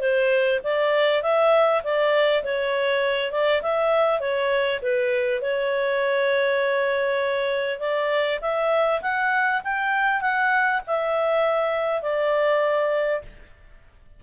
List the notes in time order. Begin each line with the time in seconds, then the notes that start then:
0.00 C5
0.64 D5
1.22 E5
1.84 D5
2.44 C#5
3.32 D5
3.62 E5
4.20 C#5
4.82 B4
5.41 C#5
7.80 D5
8.41 E5
9.02 F#5
9.64 G5
10.21 F#5
10.87 E5
12.02 D5